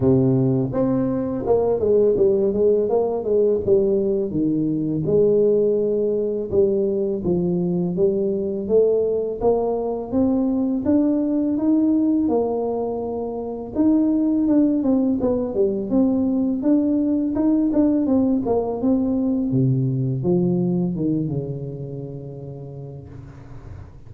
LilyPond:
\new Staff \with { instrumentName = "tuba" } { \time 4/4 \tempo 4 = 83 c4 c'4 ais8 gis8 g8 gis8 | ais8 gis8 g4 dis4 gis4~ | gis4 g4 f4 g4 | a4 ais4 c'4 d'4 |
dis'4 ais2 dis'4 | d'8 c'8 b8 g8 c'4 d'4 | dis'8 d'8 c'8 ais8 c'4 c4 | f4 dis8 cis2~ cis8 | }